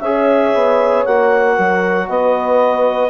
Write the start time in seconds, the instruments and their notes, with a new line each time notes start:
0.00 bassoon C#4, trombone G#4, horn C#5, clarinet E5
0.53 bassoon B3
1.04 bassoon A#3, trombone F#4, clarinet F#5
1.55 bassoon F#3, horn A#4
2.08 bassoon B3, horn B4, clarinet D#5